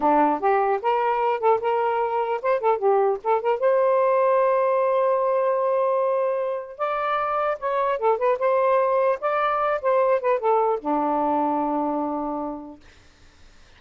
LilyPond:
\new Staff \with { instrumentName = "saxophone" } { \time 4/4 \tempo 4 = 150 d'4 g'4 ais'4. a'8 | ais'2 c''8 a'8 g'4 | a'8 ais'8 c''2.~ | c''1~ |
c''4 d''2 cis''4 | a'8 b'8 c''2 d''4~ | d''8 c''4 b'8 a'4 d'4~ | d'1 | }